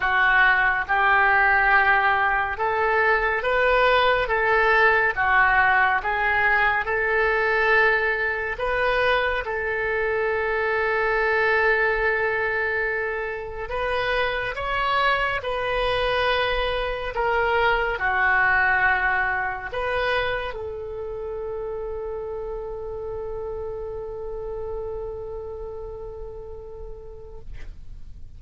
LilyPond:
\new Staff \with { instrumentName = "oboe" } { \time 4/4 \tempo 4 = 70 fis'4 g'2 a'4 | b'4 a'4 fis'4 gis'4 | a'2 b'4 a'4~ | a'1 |
b'4 cis''4 b'2 | ais'4 fis'2 b'4 | a'1~ | a'1 | }